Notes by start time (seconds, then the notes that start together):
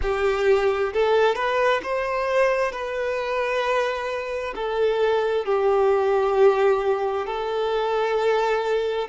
0.02 G4
0.93 A4
1.35 B4
1.82 C5
2.72 B4
4.55 A4
5.45 G4
7.26 A4